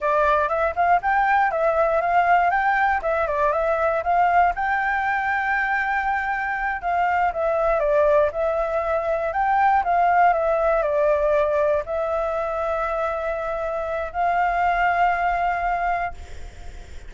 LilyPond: \new Staff \with { instrumentName = "flute" } { \time 4/4 \tempo 4 = 119 d''4 e''8 f''8 g''4 e''4 | f''4 g''4 e''8 d''8 e''4 | f''4 g''2.~ | g''4. f''4 e''4 d''8~ |
d''8 e''2 g''4 f''8~ | f''8 e''4 d''2 e''8~ | e''1 | f''1 | }